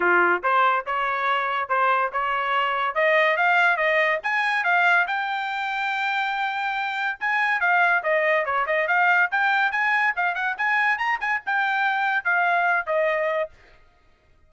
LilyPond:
\new Staff \with { instrumentName = "trumpet" } { \time 4/4 \tempo 4 = 142 f'4 c''4 cis''2 | c''4 cis''2 dis''4 | f''4 dis''4 gis''4 f''4 | g''1~ |
g''4 gis''4 f''4 dis''4 | cis''8 dis''8 f''4 g''4 gis''4 | f''8 fis''8 gis''4 ais''8 gis''8 g''4~ | g''4 f''4. dis''4. | }